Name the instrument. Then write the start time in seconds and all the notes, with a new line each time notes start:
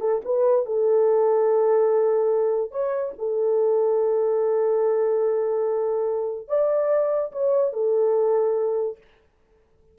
horn
0.00 A4
0.24 B4
0.65 A4
2.71 C#5
3.18 A4
6.48 D5
7.32 C#5
7.72 A4